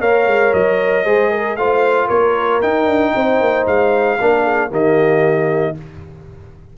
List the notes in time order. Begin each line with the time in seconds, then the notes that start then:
0.00 A#3 A#4 C#5 F5
0.26 G#3
0.53 F#3 D#5
1.04 G#3 G#4 C5
1.31 A#4
1.56 A3 F4 C5 F5
2.06 A#3 A#4 C#5
2.61 D#4 G5
2.86 D4
3.15 C4 C5
3.40 A#3
3.66 G#3 F5
4.20 A#3 D4 A#4
4.43 G#4
4.70 D#3 A#3 G4 D#5